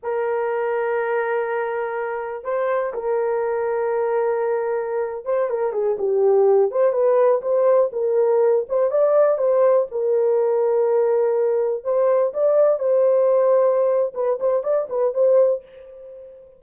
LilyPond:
\new Staff \with { instrumentName = "horn" } { \time 4/4 \tempo 4 = 123 ais'1~ | ais'4 c''4 ais'2~ | ais'2~ ais'8. c''8 ais'8 gis'16~ | gis'16 g'4. c''8 b'4 c''8.~ |
c''16 ais'4. c''8 d''4 c''8.~ | c''16 ais'2.~ ais'8.~ | ais'16 c''4 d''4 c''4.~ c''16~ | c''4 b'8 c''8 d''8 b'8 c''4 | }